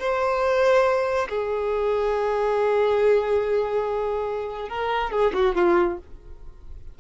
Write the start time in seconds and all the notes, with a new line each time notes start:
0.00 C5
1.30 G#4
4.69 A#4
5.11 G#4
5.34 F#4
5.56 F4